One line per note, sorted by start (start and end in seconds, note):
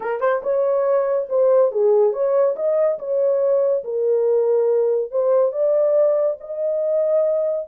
0.00 0.20 A#4
0.20 0.41 C5
0.43 1.28 C#5
1.29 1.71 C5
1.71 2.12 G#4
2.12 2.55 C#5
2.56 2.98 D#5
2.98 3.83 C#5
3.84 5.11 A#4
5.11 5.51 C5
5.51 6.37 D5
6.40 7.68 D#5